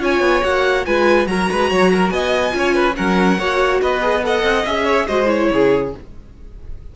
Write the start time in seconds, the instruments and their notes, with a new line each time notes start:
0.00 cello C#4, viola F4, violin C#5 G#5
0.20 cello B3
0.42 cello A#3, viola F#4, violin F#5
0.86 cello G#3, viola F4, violin B4 G#5
1.27 cello F#3, viola F#4, violin A#4 A#5
1.51 cello G#3, violin B4
1.70 cello F#3, violin C#5
1.93 violin A#4
2.10 cello B3, violin D#5 G#5
2.51 cello C#4, viola F4
2.58 violin C#5
2.75 violin B4
2.96 cello F#3, viola C#4, violin A#4 F#5
3.39 cello A#3, viola F#4, violin C#5
3.82 cello B3, violin B4 D#5
4.02 viola G#4
4.23 viola A4, violin D#5 F#5
4.44 cello C4
4.66 cello C#4, viola G#4, violin E5
4.85 violin C#5
5.08 cello G#3, viola F#4, violin C5 D#5
5.26 viola E4, violin C#5
5.52 cello C#3, violin G#4